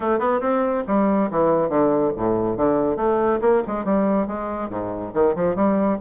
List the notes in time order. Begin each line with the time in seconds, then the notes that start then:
0.00 A3
0.19 B3
0.41 C4
0.87 G3
1.30 E3
1.69 D3
2.16 A2
2.56 D3
2.96 A3
3.41 A#3
3.67 G#3
3.85 G3
4.27 G#3
4.69 G#2
5.14 D#3
5.35 F3
5.55 G3